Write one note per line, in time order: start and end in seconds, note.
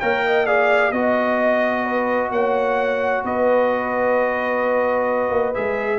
0.00 0.92 A#3
0.00 0.47 A#4
0.00 0.23 C#5
0.00 0.46 G5
0.26 0.47 D#5
0.46 0.93 G#4
0.46 0.93 D5
0.46 0.92 F5
0.92 2.31 B3
0.92 5.54 F#4
0.92 2.30 D#5
0.92 1.84 D#5
1.84 2.30 B4
2.31 3.23 A#3
2.31 3.24 C#5
2.31 3.24 F#5
3.24 5.30 B3
3.24 5.99 B4
3.24 5.54 D#5
5.30 5.53 A#3
5.54 5.99 G#3
5.54 5.99 G#4
5.54 5.99 E5